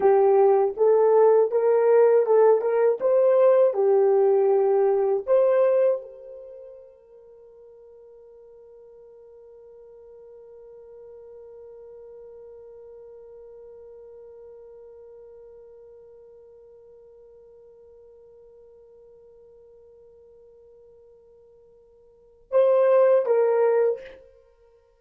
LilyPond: \new Staff \with { instrumentName = "horn" } { \time 4/4 \tempo 4 = 80 g'4 a'4 ais'4 a'8 ais'8 | c''4 g'2 c''4 | ais'1~ | ais'1~ |
ais'1~ | ais'1~ | ais'1~ | ais'2 c''4 ais'4 | }